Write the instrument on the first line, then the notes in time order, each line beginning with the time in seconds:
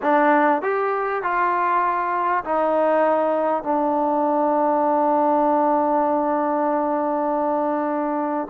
trombone
0.02 D4
0.62 G4
1.22 F4
2.44 D#4
3.63 D4